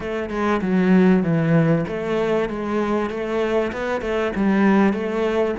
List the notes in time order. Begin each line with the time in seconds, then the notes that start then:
0.00 A3
0.30 G#3
0.61 F#3
1.23 E3
1.87 A3
2.49 G#3
3.10 A3
3.72 B3
4.01 A3
4.35 G3
4.93 A3